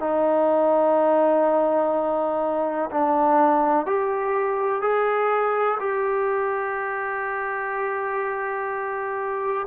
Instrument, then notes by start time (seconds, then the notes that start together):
trombone
0.00 D#4
2.91 D4
3.86 G4
4.82 G#4
5.79 G4